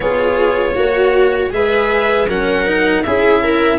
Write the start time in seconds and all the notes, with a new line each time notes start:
0.00 B3 F4 G#4 C#5
0.74 A#3 F#4
1.50 G#3 G#4 B4 E5
2.28 F#3 C#4 A#4 F#5
2.66 D#4
3.03 C#4 E4 G#4 E5
3.43 A#4